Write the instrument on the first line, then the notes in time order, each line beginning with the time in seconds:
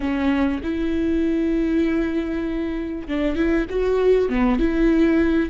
viola
0.00 C#4
0.63 E4
3.08 D4
3.35 E4
3.69 F#4
4.29 B3
4.59 E4